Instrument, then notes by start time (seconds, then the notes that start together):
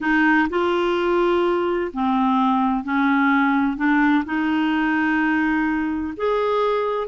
clarinet
0.01 D#4
0.49 F4
1.93 C4
2.83 C#4
3.76 D4
4.25 D#4
6.16 G#4